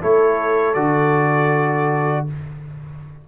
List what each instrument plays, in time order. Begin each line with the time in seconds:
0.00 tuba A3, trombone E4, horn A4, trumpet C#5
0.74 tuba D3, trombone F#4, trumpet D5